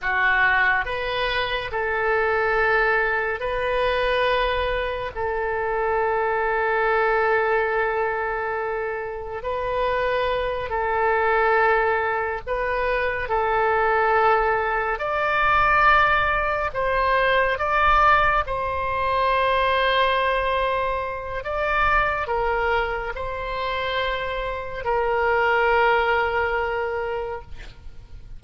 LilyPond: \new Staff \with { instrumentName = "oboe" } { \time 4/4 \tempo 4 = 70 fis'4 b'4 a'2 | b'2 a'2~ | a'2. b'4~ | b'8 a'2 b'4 a'8~ |
a'4. d''2 c''8~ | c''8 d''4 c''2~ c''8~ | c''4 d''4 ais'4 c''4~ | c''4 ais'2. | }